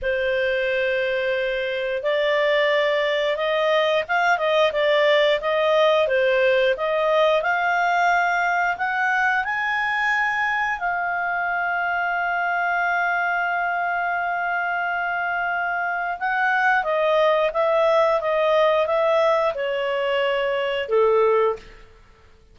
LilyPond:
\new Staff \with { instrumentName = "clarinet" } { \time 4/4 \tempo 4 = 89 c''2. d''4~ | d''4 dis''4 f''8 dis''8 d''4 | dis''4 c''4 dis''4 f''4~ | f''4 fis''4 gis''2 |
f''1~ | f''1 | fis''4 dis''4 e''4 dis''4 | e''4 cis''2 a'4 | }